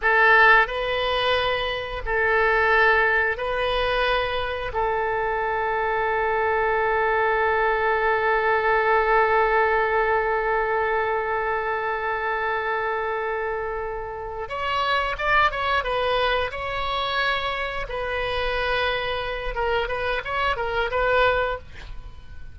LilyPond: \new Staff \with { instrumentName = "oboe" } { \time 4/4 \tempo 4 = 89 a'4 b'2 a'4~ | a'4 b'2 a'4~ | a'1~ | a'1~ |
a'1~ | a'4. cis''4 d''8 cis''8 b'8~ | b'8 cis''2 b'4.~ | b'4 ais'8 b'8 cis''8 ais'8 b'4 | }